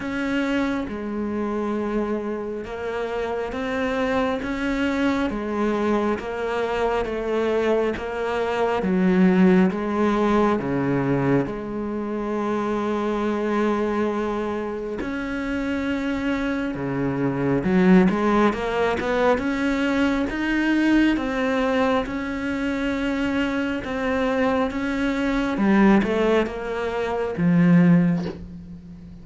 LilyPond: \new Staff \with { instrumentName = "cello" } { \time 4/4 \tempo 4 = 68 cis'4 gis2 ais4 | c'4 cis'4 gis4 ais4 | a4 ais4 fis4 gis4 | cis4 gis2.~ |
gis4 cis'2 cis4 | fis8 gis8 ais8 b8 cis'4 dis'4 | c'4 cis'2 c'4 | cis'4 g8 a8 ais4 f4 | }